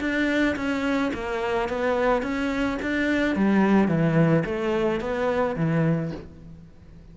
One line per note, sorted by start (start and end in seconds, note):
0.00 0.56 D4
0.56 1.12 C#4
1.14 1.69 A#3
1.69 2.23 B3
2.23 2.78 C#4
2.82 3.36 D4
3.36 3.88 G3
3.88 4.44 E3
4.45 5.01 A3
5.01 5.56 B3
5.56 6.12 E3